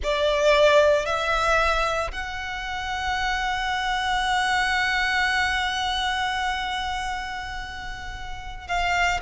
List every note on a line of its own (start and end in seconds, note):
0.03 1.05 D5
1.05 2.11 E5
2.11 8.67 F#5
8.67 9.20 F5